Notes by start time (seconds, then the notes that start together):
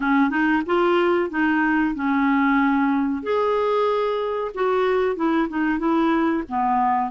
0.00 C#4
0.30 D#4
0.65 F4
1.30 D#4
1.94 C#4
3.22 G#4
4.54 F#4
5.16 E4
5.48 D#4
5.78 E4
6.48 B3